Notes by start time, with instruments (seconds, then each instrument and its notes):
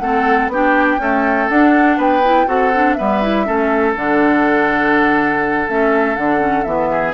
0.00 bassoon A3, clarinet C4, oboe A4, flute F#5
0.48 bassoon B3, clarinet D4, oboe G4, flute G5
0.98 clarinet A3, bassoon C#4, oboe A4
1.49 clarinet D4, bassoon D4, flute F#5
1.98 bassoon B3, oboe B4, flute G5
2.24 clarinet E4
2.47 bassoon C4, clarinet F#4, oboe A4, flute F#5
2.74 clarinet D4
2.94 clarinet B3, oboe B4, flute E5
3.00 bassoon G3
3.23 clarinet E4
3.45 bassoon A3, clarinet C#4, oboe A4
3.95 bassoon D3, clarinet D4, flute F#5
5.68 bassoon A3, clarinet C#4, flute E5
6.16 bassoon D3, clarinet D4, flute F#5
6.39 clarinet C#4
6.64 bassoon E3, clarinet B3, flute E5
6.91 oboe G#4